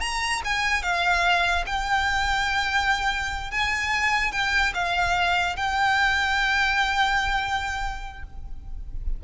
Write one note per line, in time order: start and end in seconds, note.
0.00 0.41 A#5
0.44 0.82 G#5
0.82 1.64 F5
1.66 3.51 G5
3.51 4.31 G#5
4.31 4.72 G5
4.74 5.56 F5
5.56 8.23 G5